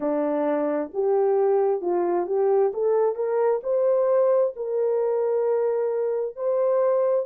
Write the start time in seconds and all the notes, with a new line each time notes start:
0.00 D4
0.93 G4
1.81 F4
2.26 G4
2.73 A4
3.15 A#4
3.63 C5
4.55 A#4
6.36 C5